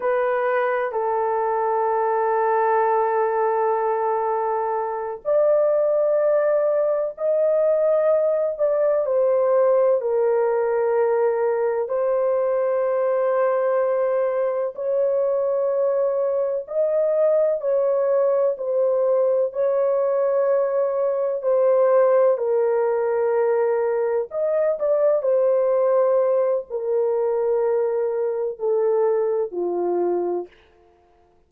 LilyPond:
\new Staff \with { instrumentName = "horn" } { \time 4/4 \tempo 4 = 63 b'4 a'2.~ | a'4. d''2 dis''8~ | dis''4 d''8 c''4 ais'4.~ | ais'8 c''2. cis''8~ |
cis''4. dis''4 cis''4 c''8~ | c''8 cis''2 c''4 ais'8~ | ais'4. dis''8 d''8 c''4. | ais'2 a'4 f'4 | }